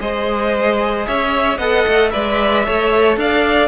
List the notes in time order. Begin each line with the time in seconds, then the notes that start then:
0.00 G#3 G#4 C5 D#5
1.07 C#4 C#5 E5
1.58 B3 A4 D#5 F#5
1.88 A3
2.10 G#3 B4 D5 E5
2.65 A3 A4 C#5
3.17 D4 D5 F5